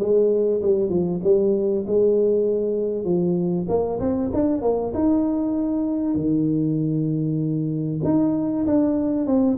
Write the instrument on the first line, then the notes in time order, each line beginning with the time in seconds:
tuba
0.00 G#3
0.62 G3
0.90 F3
1.24 G3
1.88 G#3
3.05 F3
3.69 A#3
4.00 C4
4.34 D4
4.62 A#3
4.95 D#4
6.15 D#3
8.04 D#4
8.66 D4
9.27 C4